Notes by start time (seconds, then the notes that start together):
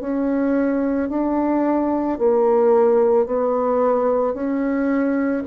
0.00 C#4
1.09 D4
2.18 A#3
3.26 B3
4.34 C#4